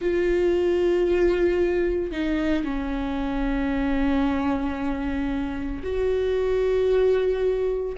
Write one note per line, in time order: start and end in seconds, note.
0.01 2.11 F4
2.11 2.64 D#4
2.64 5.82 C#4
5.83 7.95 F#4